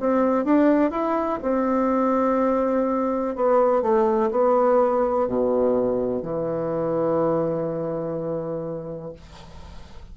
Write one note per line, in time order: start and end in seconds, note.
0.00 0.45 C4
0.45 0.91 D4
0.91 1.39 E4
1.43 3.36 C4
3.36 3.82 B3
3.82 4.31 A3
4.31 5.28 B3
5.28 6.22 B2
6.22 9.13 E3